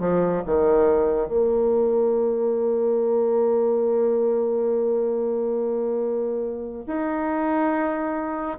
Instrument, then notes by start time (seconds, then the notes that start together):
bassoon
0.00 F3
0.46 D#3
1.28 A#3
6.87 D#4